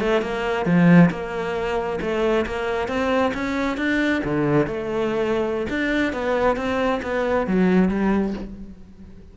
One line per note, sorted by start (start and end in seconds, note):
0.00 0.22 A3
0.22 0.66 A#3
0.66 1.10 F3
1.10 1.99 A#3
2.01 2.46 A3
2.46 2.88 A#3
2.88 3.33 C4
3.34 3.78 C#4
3.78 4.22 D4
4.24 4.67 D3
4.67 5.67 A3
5.69 6.13 D4
6.13 6.57 B3
6.57 7.01 C4
7.03 7.47 B3
7.47 7.89 F#3
7.89 8.34 G3